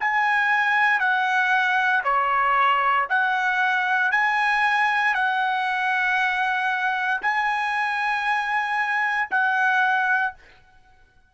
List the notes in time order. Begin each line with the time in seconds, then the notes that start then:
0.00 G#5
1.00 F#5
2.04 C#5
3.09 F#5
4.11 G#5
5.14 F#5
7.21 G#5
9.31 F#5